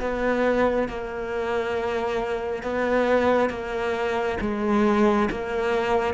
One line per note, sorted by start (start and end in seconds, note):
0.00 0.88 B3
0.89 2.63 A#3
2.63 3.50 B3
3.50 4.38 A#3
4.41 5.29 G#3
5.31 6.14 A#3